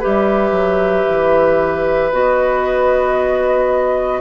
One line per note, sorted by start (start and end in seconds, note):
0.00 2.12 G4
0.00 4.21 B4
0.00 2.12 E5
0.06 0.52 G3
0.52 1.05 F#3
1.09 2.12 E3
2.12 4.21 B3
2.12 4.21 F#4
2.12 4.21 D#5